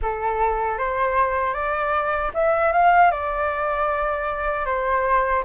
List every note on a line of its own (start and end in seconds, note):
0.02 0.78 A4
0.78 1.53 C5
1.53 2.31 D5
2.33 2.72 E5
2.72 3.11 F5
3.11 4.65 D5
4.65 5.43 C5